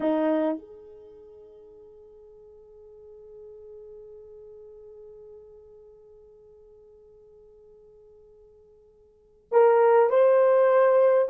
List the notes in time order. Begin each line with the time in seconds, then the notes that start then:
0.00 D#4
0.58 G#4
9.51 A#4
10.09 C5